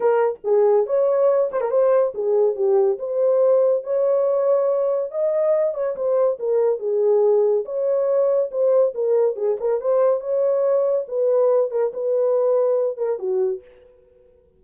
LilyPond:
\new Staff \with { instrumentName = "horn" } { \time 4/4 \tempo 4 = 141 ais'4 gis'4 cis''4. c''16 ais'16 | c''4 gis'4 g'4 c''4~ | c''4 cis''2. | dis''4. cis''8 c''4 ais'4 |
gis'2 cis''2 | c''4 ais'4 gis'8 ais'8 c''4 | cis''2 b'4. ais'8 | b'2~ b'8 ais'8 fis'4 | }